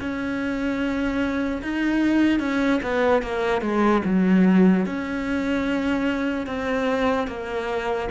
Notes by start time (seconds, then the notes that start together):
0.00 C#4
1.63 D#4
2.40 C#4
2.83 B3
3.22 A#3
3.62 G#3
4.05 F#3
4.86 C#4
6.47 C4
7.28 A#3